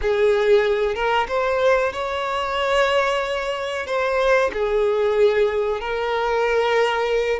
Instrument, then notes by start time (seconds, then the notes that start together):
violin
0.01 G#4
0.94 A#4
1.28 C5
1.92 C#5
3.86 C5
4.53 G#4
5.80 A#4